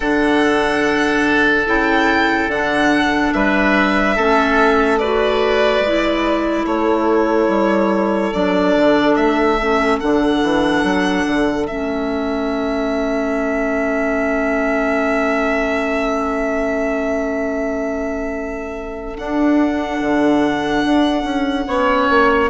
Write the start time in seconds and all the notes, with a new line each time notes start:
0.00 D3 D4 A4 F#5
1.66 C#3 E4 G5
2.47 D3 D4 F#5
3.33 G3 B4 E5
4.15 A3 C#4 A4
4.98 F#4 B4 D5
5.80 G#3 E4
6.65 A3 A4 C#5
7.48 G3
8.33 F#3 D4 D5
8.76 D3
9.15 A3 E5
9.60 C#4
9.99 D3 D4 F#5
10.42 E3
10.83 F#3
11.26 D3
11.66 A3 C#4 E5
19.17 D4 F#5
20.00 D3
20.84 D4
21.23 C#4
21.67 B3 C#4 C#5
22.09 A#3